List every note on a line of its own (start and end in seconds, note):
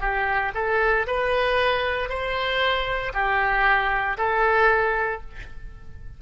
0.00 0.52 G4
0.55 1.06 A4
1.07 2.09 B4
2.09 3.12 C5
3.14 4.17 G4
4.18 5.21 A4